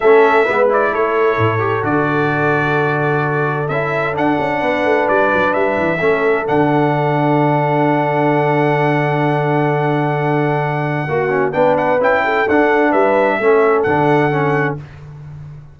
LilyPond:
<<
  \new Staff \with { instrumentName = "trumpet" } { \time 4/4 \tempo 4 = 130 e''4. d''8 cis''2 | d''1 | e''4 fis''2 d''4 | e''2 fis''2~ |
fis''1~ | fis''1~ | fis''4 g''8 fis''8 g''4 fis''4 | e''2 fis''2 | }
  \new Staff \with { instrumentName = "horn" } { \time 4/4 a'4 b'4 a'2~ | a'1~ | a'2 b'2~ | b'4 a'2.~ |
a'1~ | a'1 | fis'4 b'4. a'4. | b'4 a'2. | }
  \new Staff \with { instrumentName = "trombone" } { \time 4/4 cis'4 b8 e'2 g'8 | fis'1 | e'4 d'2.~ | d'4 cis'4 d'2~ |
d'1~ | d'1 | fis'8 cis'8 d'4 e'4 d'4~ | d'4 cis'4 d'4 cis'4 | }
  \new Staff \with { instrumentName = "tuba" } { \time 4/4 a4 gis4 a4 a,4 | d1 | cis'4 d'8 cis'8 b8 a8 g8 fis8 | g8 e8 a4 d2~ |
d1~ | d1 | ais4 b4 cis'4 d'4 | g4 a4 d2 | }
>>